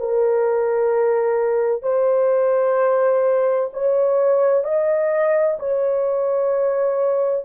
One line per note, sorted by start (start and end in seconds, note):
0.00 1.83 A#4
1.83 3.70 C5
3.74 4.64 C#5
4.64 5.58 D#5
5.60 7.45 C#5